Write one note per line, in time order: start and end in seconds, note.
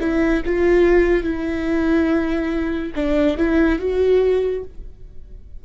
0.00 0.42 E4
0.45 1.23 F4
1.23 2.92 E4
2.95 3.37 D4
3.37 3.79 E4
3.79 4.63 F#4